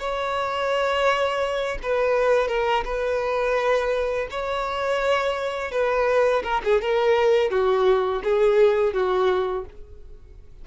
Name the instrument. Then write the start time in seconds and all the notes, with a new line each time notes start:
violin
0.00 C#5
1.83 B4
2.48 A#4
2.85 B4
4.31 C#5
5.72 B4
6.44 A#4
6.65 G#4
6.82 A#4
7.51 F#4
8.24 G#4
8.94 F#4